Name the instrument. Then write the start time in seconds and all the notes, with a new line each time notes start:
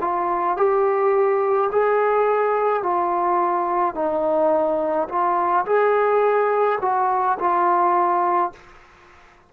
trombone
0.00 F4
0.57 G4
1.72 G#4
2.83 F4
3.95 D#4
5.09 F4
5.66 G#4
6.81 F#4
7.39 F4